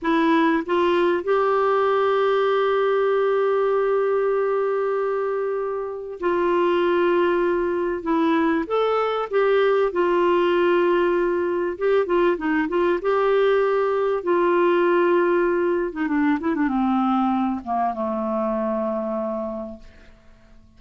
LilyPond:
\new Staff \with { instrumentName = "clarinet" } { \time 4/4 \tempo 4 = 97 e'4 f'4 g'2~ | g'1~ | g'2 f'2~ | f'4 e'4 a'4 g'4 |
f'2. g'8 f'8 | dis'8 f'8 g'2 f'4~ | f'4.~ f'16 dis'16 d'8 e'16 d'16 c'4~ | c'8 ais8 a2. | }